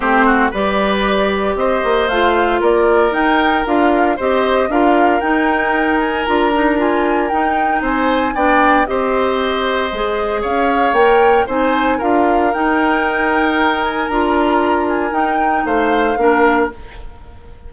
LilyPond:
<<
  \new Staff \with { instrumentName = "flute" } { \time 4/4 \tempo 4 = 115 c''4 d''2 dis''4 | f''4 d''4 g''4 f''4 | dis''4 f''4 g''4. gis''8 | ais''4 gis''4 g''4 gis''4 |
g''4 dis''2. | f''4 g''4 gis''4 f''4 | g''2~ g''8 gis''8 ais''4~ | ais''8 gis''8 g''4 f''2 | }
  \new Staff \with { instrumentName = "oboe" } { \time 4/4 g'8 fis'8 b'2 c''4~ | c''4 ais'2. | c''4 ais'2.~ | ais'2. c''4 |
d''4 c''2. | cis''2 c''4 ais'4~ | ais'1~ | ais'2 c''4 ais'4 | }
  \new Staff \with { instrumentName = "clarinet" } { \time 4/4 c'4 g'2. | f'2 dis'4 f'4 | g'4 f'4 dis'2 | f'8 dis'8 f'4 dis'2 |
d'4 g'2 gis'4~ | gis'4 ais'4 dis'4 f'4 | dis'2. f'4~ | f'4 dis'2 d'4 | }
  \new Staff \with { instrumentName = "bassoon" } { \time 4/4 a4 g2 c'8 ais8 | a4 ais4 dis'4 d'4 | c'4 d'4 dis'2 | d'2 dis'4 c'4 |
b4 c'2 gis4 | cis'4 ais4 c'4 d'4 | dis'2. d'4~ | d'4 dis'4 a4 ais4 | }
>>